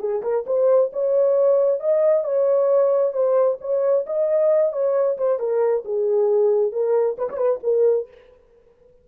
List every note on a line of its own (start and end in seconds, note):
0.00 0.22 G#4
0.23 0.45 A#4
0.46 0.91 C5
0.93 1.80 C#5
1.80 2.24 D#5
2.24 3.13 C#5
3.13 3.58 C5
3.61 4.06 C#5
4.07 4.73 D#5
4.73 5.17 C#5
5.18 5.40 C5
5.40 5.84 A#4
5.85 6.72 G#4
6.72 7.17 A#4
7.18 7.29 B4
7.30 7.37 C#5
7.37 7.60 B4
7.63 8.08 A#4